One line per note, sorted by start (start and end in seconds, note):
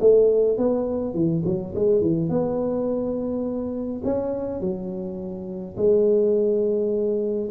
0.00 0.58 A3
0.58 1.14 B3
1.14 1.43 E3
1.45 1.74 F#3
1.75 2.01 G#3
2.01 2.29 E3
2.29 4.02 B3
4.04 4.60 C#4
4.60 5.76 F#3
5.77 7.50 G#3